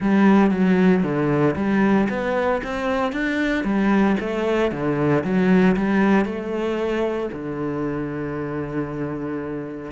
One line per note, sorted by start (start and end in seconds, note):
0.00 0.51 G3
0.51 1.03 F#3
1.03 1.55 D3
1.56 2.08 G3
2.09 2.61 B3
2.63 3.12 C4
3.12 3.64 D4
3.64 4.16 G3
4.20 4.71 A3
4.71 5.23 D3
5.23 5.76 F#3
5.76 6.25 G3
6.25 7.29 A3
7.32 9.91 D3